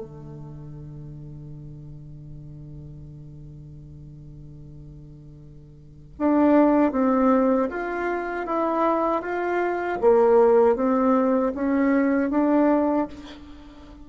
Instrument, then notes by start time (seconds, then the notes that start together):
bassoon
0.00 D3
6.19 D4
6.92 C4
7.70 F4
8.47 E4
9.22 F4
10.02 A#3
10.76 C4
11.55 C#4
12.31 D4